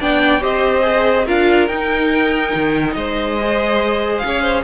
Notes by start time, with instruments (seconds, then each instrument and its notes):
0.00 cello B3, viola D4, violin D5 G5
0.41 cello C4, viola G4, violin C5 D#5
0.82 viola G#4
1.25 cello D4, viola F4, violin A#4 F5
1.68 cello D#4, viola D#4, violin G5
2.54 cello D#3
2.93 cello G#3, violin C5 D#5
3.40 viola G#4
4.19 cello C#4, violin F5
4.27 violin C#5
4.42 violin C5